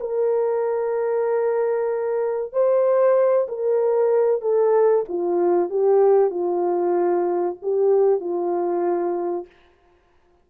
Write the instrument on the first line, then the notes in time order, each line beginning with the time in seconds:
horn
0.00 A#4
2.52 C5
3.48 A#4
4.41 A4
5.08 F4
5.70 G4
6.30 F4
7.62 G4
8.20 F4